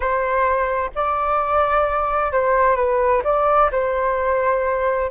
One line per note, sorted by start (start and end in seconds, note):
0.00 0.90 C5
0.95 2.32 D5
2.32 2.76 C5
2.76 3.22 B4
3.23 3.70 D5
3.71 5.10 C5